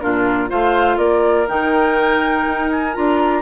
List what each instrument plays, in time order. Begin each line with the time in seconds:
0.00 bassoon A#2, clarinet D4, oboe F4, flute A#4
0.48 bassoon A3, clarinet F4, oboe C5, flute F5
0.98 bassoon A#3, oboe A#4, flute D5
1.47 bassoon D#3, clarinet D#4, flute G5
2.47 bassoon D#4
2.71 flute G#5
2.94 bassoon D4, clarinet F4, flute A#5